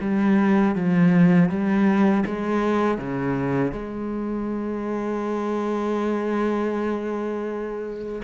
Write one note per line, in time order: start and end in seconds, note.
0.00 0.75 G3
0.75 1.49 F3
1.49 2.24 G3
2.26 2.98 G#3
2.98 3.72 C#3
3.72 8.22 G#3